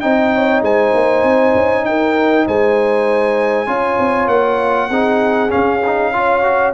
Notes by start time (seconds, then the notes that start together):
0.00 C4 D#4 D#5 G5
0.34 C#5
0.61 G#3 C5 G#5
0.93 A#3
1.23 C4
1.55 C#4
1.85 D#4 A#4 G5
2.46 G#3 C5 G#5
3.67 C#4 F4 C#5
3.98 C4
4.27 A#3 F#5
4.89 C4 D#4 G#4
5.49 C#4 F5
5.86 D#4
6.13 F4 C#5
6.43 F#4